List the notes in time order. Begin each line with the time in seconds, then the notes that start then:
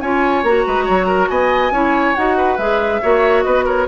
0.00 C#4 F4 C#5 G#5
0.43 A#3 F#4 A#5
0.66 G#3 B4
0.84 F#3 C#5
1.07 A#4
1.29 B3 D#5 G#5
1.71 C#4 E4 C#5
2.14 D#4 F#4 F#5
2.37 B4
2.57 G#3 G#4 E5
3.02 A#3 F#4 C#5
3.42 B3 B4 D#5
3.65 A#4 C#5